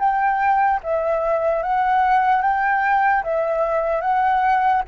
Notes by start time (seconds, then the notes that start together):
0.00 G5
0.84 E5
1.63 F#5
2.43 G5
3.24 E5
4.02 F#5